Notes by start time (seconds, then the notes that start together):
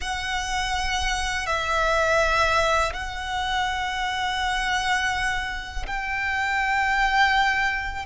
0.01 F#5
1.46 E5
2.93 F#5
5.86 G5